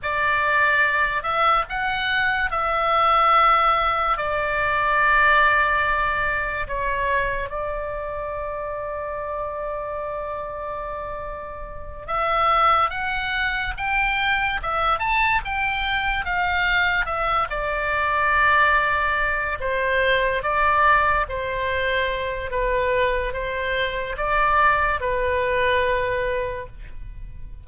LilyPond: \new Staff \with { instrumentName = "oboe" } { \time 4/4 \tempo 4 = 72 d''4. e''8 fis''4 e''4~ | e''4 d''2. | cis''4 d''2.~ | d''2~ d''8 e''4 fis''8~ |
fis''8 g''4 e''8 a''8 g''4 f''8~ | f''8 e''8 d''2~ d''8 c''8~ | c''8 d''4 c''4. b'4 | c''4 d''4 b'2 | }